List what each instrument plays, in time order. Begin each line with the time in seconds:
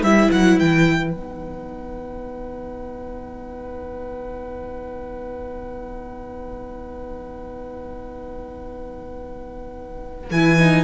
0.00 cello G3, viola E4, violin B4 E5
0.31 cello F#3, violin F#5
0.59 cello E3, violin G5
1.09 cello B3, viola D#4, violin F#5
10.31 cello E3, viola E4, violin G#5
10.58 viola D#4